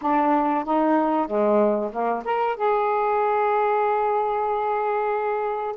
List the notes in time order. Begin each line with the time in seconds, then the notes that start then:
0.01 D4
0.64 D#4
1.27 G#3
1.91 A#3
2.24 A#4
2.56 G#4